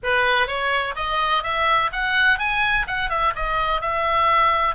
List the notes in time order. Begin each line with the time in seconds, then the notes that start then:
0.03 B4
0.47 C#5
0.95 D#5
1.43 E5
1.92 F#5
2.39 G#5
2.87 F#5
3.09 E5
3.35 D#5
3.81 E5